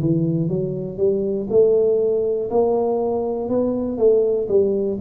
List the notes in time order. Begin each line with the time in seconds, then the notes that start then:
0.00 E3
0.49 F#3
0.98 G3
1.50 A3
2.50 A#3
3.49 B3
3.98 A3
4.48 G3